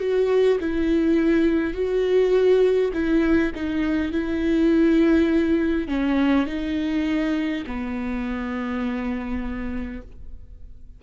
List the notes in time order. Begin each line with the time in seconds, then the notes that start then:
0.00 F#4
0.61 E4
1.74 F#4
2.94 E4
3.56 D#4
4.12 E4
5.88 C#4
6.47 D#4
7.67 B3